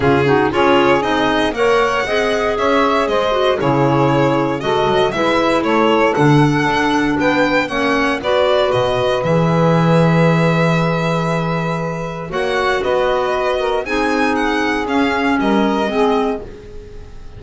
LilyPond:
<<
  \new Staff \with { instrumentName = "violin" } { \time 4/4 \tempo 4 = 117 gis'4 cis''4 dis''4 fis''4~ | fis''4 e''4 dis''4 cis''4~ | cis''4 dis''4 e''4 cis''4 | fis''2 g''4 fis''4 |
d''4 dis''4 e''2~ | e''1 | fis''4 dis''2 gis''4 | fis''4 f''4 dis''2 | }
  \new Staff \with { instrumentName = "saxophone" } { \time 4/4 f'8 fis'8 gis'2 cis''4 | dis''4 cis''4 c''4 gis'4~ | gis'4 a'4 b'4 a'4~ | a'2 b'4 cis''4 |
b'1~ | b'1 | cis''4 b'4. ais'8 gis'4~ | gis'2 ais'4 gis'4 | }
  \new Staff \with { instrumentName = "clarinet" } { \time 4/4 cis'8 dis'8 f'4 dis'4 ais'4 | gis'2~ gis'8 fis'8 e'4~ | e'4 fis'4 e'2 | d'2. cis'4 |
fis'2 gis'2~ | gis'1 | fis'2. dis'4~ | dis'4 cis'2 c'4 | }
  \new Staff \with { instrumentName = "double bass" } { \time 4/4 cis4 cis'4 c'4 ais4 | c'4 cis'4 gis4 cis4~ | cis4 gis8 fis8 gis4 a4 | d4 d'4 b4 ais4 |
b4 b,4 e2~ | e1 | ais4 b2 c'4~ | c'4 cis'4 g4 gis4 | }
>>